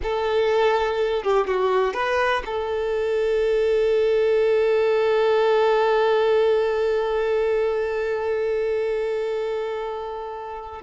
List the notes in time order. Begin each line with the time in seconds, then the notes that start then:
0.02 A4
1.23 G4
1.47 F#4
1.93 B4
2.45 A4